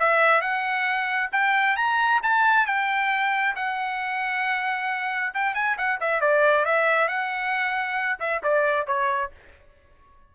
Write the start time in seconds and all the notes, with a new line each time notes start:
0.00 E5
0.41 F#5
1.32 G5
1.77 A#5
2.23 A5
2.67 G5
3.56 F#5
5.34 G5
5.55 G#5
5.78 F#5
6.01 E5
6.21 D5
6.66 E5
7.08 F#5
8.20 E5
8.44 D5
8.87 C#5